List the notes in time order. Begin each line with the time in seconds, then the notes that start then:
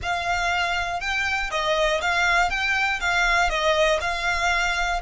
0.02 F5
1.00 G5
1.50 D#5
2.01 F5
2.50 G5
3.00 F5
3.49 D#5
4.00 F5